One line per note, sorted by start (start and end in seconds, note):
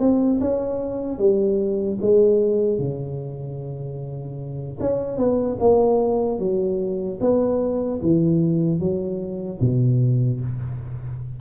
0.00 0.40 C4
0.41 1.19 C#4
1.19 1.99 G3
2.01 2.79 G#3
2.79 4.79 C#3
4.80 5.17 C#4
5.17 5.57 B3
5.60 6.39 A#3
6.39 7.19 F#3
7.21 8.01 B3
8.02 8.80 E3
8.80 9.60 F#3
9.61 10.41 B2